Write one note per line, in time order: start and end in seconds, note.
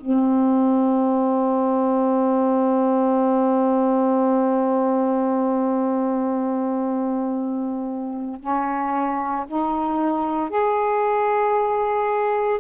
0.00 8.41 C4
8.41 9.46 C#4
9.47 10.50 D#4
10.50 12.60 G#4